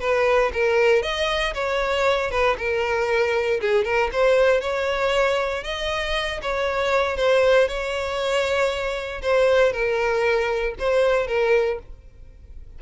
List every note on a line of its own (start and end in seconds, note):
0.00 0.51 B4
0.53 1.02 A#4
1.02 1.54 D#5
1.54 2.31 C#5
2.31 2.56 B4
2.58 3.60 A#4
3.60 3.84 G#4
3.84 4.10 A#4
4.12 4.61 C5
4.61 5.63 C#5
5.64 6.41 D#5
6.42 7.17 C#5
7.17 7.68 C5
7.68 9.21 C#5
9.22 9.72 C5
9.72 10.75 A#4
10.79 11.27 C5
11.27 11.79 A#4